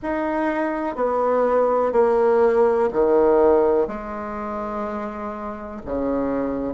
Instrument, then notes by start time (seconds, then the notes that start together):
bassoon
0.02 D#4
0.95 B3
1.92 A#3
2.93 D#3
3.87 G#3
5.85 C#3